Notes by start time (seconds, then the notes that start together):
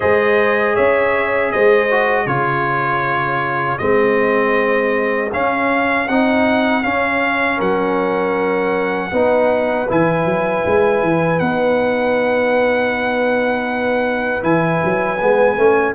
0.00 G#3 G#4 C5 D#5
0.74 C#4 C#5 E5
1.51 G#3 C5 D#5
1.91 F#4
2.26 C#3 F4 G#4 C#5
3.78 G#3 C4 D#5
5.32 C#4 F5
6.08 C4 D#4 F#5
6.82 C#4 F5
7.56 F#3 A#4 F#5
9.11 B3 D#4 B4
9.88 E3 E4 G#5
10.25 F#3
10.66 G#3
11.02 E3
11.38 B3 D#4 F#5
14.41 E3 E4 G#5
14.84 F#3
15.20 G#3 B3
15.57 A3 C#4